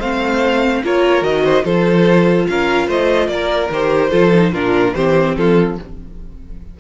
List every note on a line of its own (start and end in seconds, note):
0.00 0.83 A3
0.00 0.84 C4
0.00 0.82 C5
0.00 0.84 F5
0.84 1.22 A#3
0.84 1.23 F4
0.84 1.44 A#4
0.84 1.24 C#5
1.22 1.63 D#3
1.22 1.64 F#4
1.22 1.65 D#5
1.44 1.65 C5
1.64 2.48 F3
1.64 3.69 F4
1.64 2.47 A4
1.64 2.47 C5
2.48 2.88 C#4
2.48 2.88 A#4
2.48 2.89 F5
2.88 3.29 A3
2.88 3.29 C5
2.88 3.29 D#5
3.29 3.70 A#3
3.29 4.11 A#4
3.29 3.70 D5
3.71 4.12 D#3
3.71 4.11 G4
3.71 4.54 C5
4.11 4.54 F3
4.11 4.32 F4
4.11 4.52 A4
4.35 4.54 D#4
4.53 4.95 A#2
4.53 4.95 D4
4.53 4.94 F4
4.53 4.95 A#4
4.95 5.36 E3
4.95 5.78 C4
4.95 5.37 G4
4.95 5.36 C5
5.37 5.79 F3
5.37 5.80 F4
5.37 5.79 A4